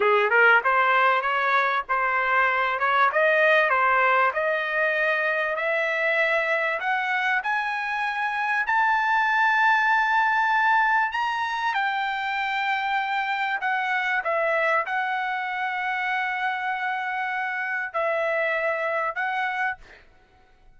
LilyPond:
\new Staff \with { instrumentName = "trumpet" } { \time 4/4 \tempo 4 = 97 gis'8 ais'8 c''4 cis''4 c''4~ | c''8 cis''8 dis''4 c''4 dis''4~ | dis''4 e''2 fis''4 | gis''2 a''2~ |
a''2 ais''4 g''4~ | g''2 fis''4 e''4 | fis''1~ | fis''4 e''2 fis''4 | }